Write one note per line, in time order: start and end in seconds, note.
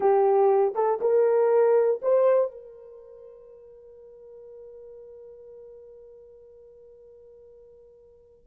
0.00 0.74 G4
0.74 0.99 A4
1.00 2.00 A#4
2.01 2.51 C5
2.51 8.46 A#4